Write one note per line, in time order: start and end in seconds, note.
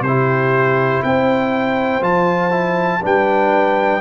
0.00 1.00 C3
0.00 1.04 G4
0.00 1.02 C5
0.07 2.01 E4
1.03 2.01 C4
1.03 3.02 C5
1.03 2.03 G5
2.01 3.01 F3
2.01 2.50 F4
2.01 3.03 A5
2.50 3.00 E4
3.01 4.01 G3
3.01 4.01 D4
3.01 4.01 B4
3.01 4.01 G5